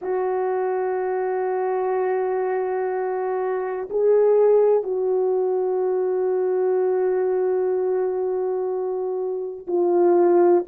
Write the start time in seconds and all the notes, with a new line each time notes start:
0.01 F#4
3.89 G#4
4.83 F#4
9.67 F4